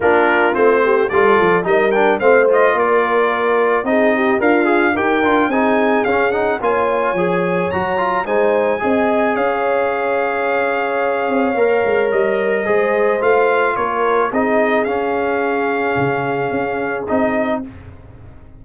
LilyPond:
<<
  \new Staff \with { instrumentName = "trumpet" } { \time 4/4 \tempo 4 = 109 ais'4 c''4 d''4 dis''8 g''8 | f''8 dis''8 d''2 dis''4 | f''4 g''4 gis''4 f''8 fis''8 | gis''2 ais''4 gis''4~ |
gis''4 f''2.~ | f''2 dis''2 | f''4 cis''4 dis''4 f''4~ | f''2. dis''4 | }
  \new Staff \with { instrumentName = "horn" } { \time 4/4 f'4. g'8 a'4 ais'4 | c''4 ais'2 gis'8 g'8 | f'4 ais'4 gis'2 | cis''2. c''4 |
dis''4 cis''2.~ | cis''2. c''4~ | c''4 ais'4 gis'2~ | gis'1 | }
  \new Staff \with { instrumentName = "trombone" } { \time 4/4 d'4 c'4 f'4 dis'8 d'8 | c'8 f'2~ f'8 dis'4 | ais'8 gis'8 g'8 f'8 dis'4 cis'8 dis'8 | f'4 gis'4 fis'8 f'8 dis'4 |
gis'1~ | gis'4 ais'2 gis'4 | f'2 dis'4 cis'4~ | cis'2. dis'4 | }
  \new Staff \with { instrumentName = "tuba" } { \time 4/4 ais4 a4 g8 f8 g4 | a4 ais2 c'4 | d'4 dis'8 d'8 c'4 cis'4 | ais4 f4 fis4 gis4 |
c'4 cis'2.~ | cis'8 c'8 ais8 gis8 g4 gis4 | a4 ais4 c'4 cis'4~ | cis'4 cis4 cis'4 c'4 | }
>>